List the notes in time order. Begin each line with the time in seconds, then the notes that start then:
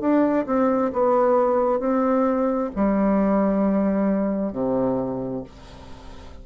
0.00 D4
0.46 C4
0.93 B3
1.79 C4
2.75 G3
4.52 C3